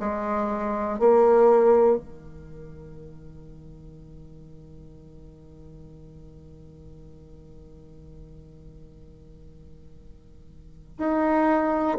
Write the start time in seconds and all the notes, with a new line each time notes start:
0.00 G#3
0.99 A#3
1.98 D#3
10.98 D#4